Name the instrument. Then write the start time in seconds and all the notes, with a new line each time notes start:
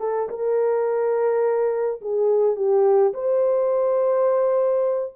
horn
0.00 A4
0.29 A#4
2.01 G#4
2.56 G4
3.14 C5